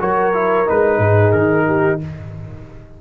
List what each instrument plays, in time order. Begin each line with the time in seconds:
0.00 tuba F#3, trombone F#4, horn A#4, trumpet C#5
0.34 trombone E4
0.67 tuba G#3, trombone D#4, trumpet B4
0.98 tuba G#2, horn G#4
1.32 tuba D#3, trumpet A#4
1.67 horn G4